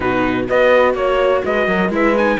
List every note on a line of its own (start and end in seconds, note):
0.00 0.48 B2
0.00 0.46 D#4
0.00 0.47 F#4
0.00 0.47 B4
0.47 0.94 B3
0.47 1.91 F#4
0.47 0.95 B4
0.47 0.95 D#5
0.94 1.42 A#3
0.94 1.43 C#5
1.44 1.67 G#3
1.44 1.68 B4
1.44 1.93 D#5
1.67 1.88 F#3
1.67 1.92 A#4
1.88 2.36 G#3
1.88 2.15 E4
1.88 2.39 B4
1.88 2.17 E5
2.17 2.39 D#4
2.17 2.39 G#5